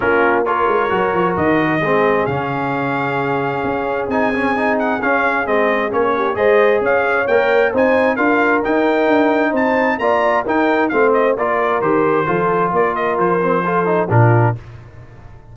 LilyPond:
<<
  \new Staff \with { instrumentName = "trumpet" } { \time 4/4 \tempo 4 = 132 ais'4 cis''2 dis''4~ | dis''4 f''2.~ | f''4 gis''4. fis''8 f''4 | dis''4 cis''4 dis''4 f''4 |
g''4 gis''4 f''4 g''4~ | g''4 a''4 ais''4 g''4 | f''8 dis''8 d''4 c''2 | d''8 dis''8 c''2 ais'4 | }
  \new Staff \with { instrumentName = "horn" } { \time 4/4 f'4 ais'2. | gis'1~ | gis'1~ | gis'4. g'8 c''4 cis''4~ |
cis''4 c''4 ais'2~ | ais'4 c''4 d''4 ais'4 | c''4 ais'2 a'4 | ais'2 a'4 f'4 | }
  \new Staff \with { instrumentName = "trombone" } { \time 4/4 cis'4 f'4 fis'2 | c'4 cis'2.~ | cis'4 dis'8 cis'8 dis'4 cis'4 | c'4 cis'4 gis'2 |
ais'4 dis'4 f'4 dis'4~ | dis'2 f'4 dis'4 | c'4 f'4 g'4 f'4~ | f'4. c'8 f'8 dis'8 d'4 | }
  \new Staff \with { instrumentName = "tuba" } { \time 4/4 ais4. gis8 fis8 f8 dis4 | gis4 cis2. | cis'4 c'2 cis'4 | gis4 ais4 gis4 cis'4 |
ais4 c'4 d'4 dis'4 | d'4 c'4 ais4 dis'4 | a4 ais4 dis4 f4 | ais4 f2 ais,4 | }
>>